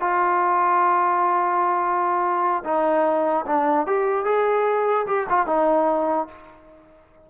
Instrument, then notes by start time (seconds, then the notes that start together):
trombone
0.00 F4
2.64 D#4
3.46 D4
3.86 G4
4.25 G#4
5.07 G4
5.29 F4
5.47 D#4